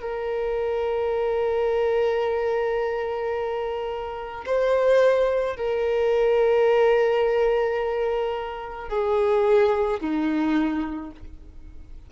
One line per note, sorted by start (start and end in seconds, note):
0.00 4.44 A#4
4.46 5.57 C5
5.57 8.89 A#4
8.89 10.00 G#4
10.00 11.11 D#4